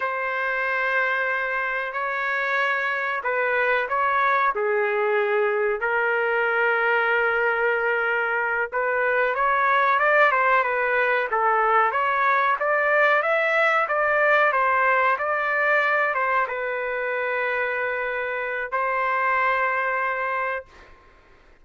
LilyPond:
\new Staff \with { instrumentName = "trumpet" } { \time 4/4 \tempo 4 = 93 c''2. cis''4~ | cis''4 b'4 cis''4 gis'4~ | gis'4 ais'2.~ | ais'4. b'4 cis''4 d''8 |
c''8 b'4 a'4 cis''4 d''8~ | d''8 e''4 d''4 c''4 d''8~ | d''4 c''8 b'2~ b'8~ | b'4 c''2. | }